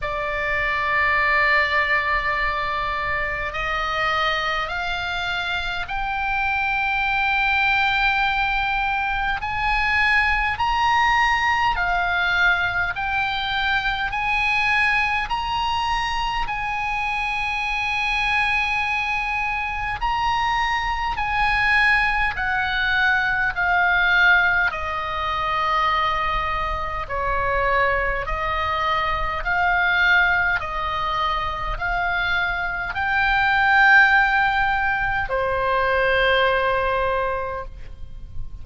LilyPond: \new Staff \with { instrumentName = "oboe" } { \time 4/4 \tempo 4 = 51 d''2. dis''4 | f''4 g''2. | gis''4 ais''4 f''4 g''4 | gis''4 ais''4 gis''2~ |
gis''4 ais''4 gis''4 fis''4 | f''4 dis''2 cis''4 | dis''4 f''4 dis''4 f''4 | g''2 c''2 | }